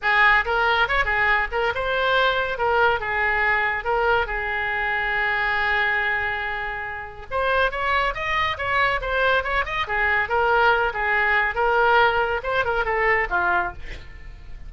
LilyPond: \new Staff \with { instrumentName = "oboe" } { \time 4/4 \tempo 4 = 140 gis'4 ais'4 cis''8 gis'4 ais'8 | c''2 ais'4 gis'4~ | gis'4 ais'4 gis'2~ | gis'1~ |
gis'4 c''4 cis''4 dis''4 | cis''4 c''4 cis''8 dis''8 gis'4 | ais'4. gis'4. ais'4~ | ais'4 c''8 ais'8 a'4 f'4 | }